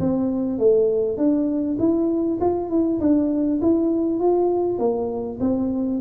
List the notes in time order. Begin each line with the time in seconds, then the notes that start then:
0.00 C4
0.59 A3
1.18 D4
1.79 E4
2.41 F4
2.70 E4
3.01 D4
3.62 E4
4.20 F4
4.79 A#3
5.41 C4